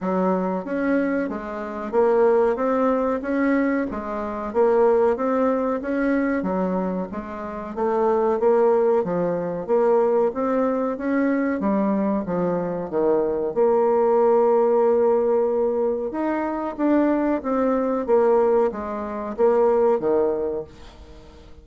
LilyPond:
\new Staff \with { instrumentName = "bassoon" } { \time 4/4 \tempo 4 = 93 fis4 cis'4 gis4 ais4 | c'4 cis'4 gis4 ais4 | c'4 cis'4 fis4 gis4 | a4 ais4 f4 ais4 |
c'4 cis'4 g4 f4 | dis4 ais2.~ | ais4 dis'4 d'4 c'4 | ais4 gis4 ais4 dis4 | }